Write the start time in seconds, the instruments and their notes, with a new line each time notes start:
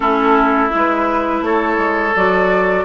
0.00 bassoon A3, clarinet C#4, oboe E4, flute A4
0.69 bassoon G#3, clarinet E4
0.76 flute B4
1.41 bassoon A3, oboe A4, flute C#5
1.78 bassoon G#3
2.15 bassoon F#3, clarinet F#4, flute D5